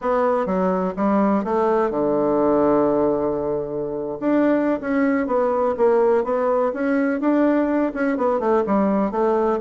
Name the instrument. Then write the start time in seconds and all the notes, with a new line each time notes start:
bassoon
0.01 B3
0.45 F#3
0.96 G3
1.44 A3
1.90 D3
4.20 D4
4.80 C#4
5.26 B3
5.77 A#3
6.24 B3
6.73 C#4
7.20 D4
7.94 C#4
8.17 B3
8.39 A3
8.66 G3
9.11 A3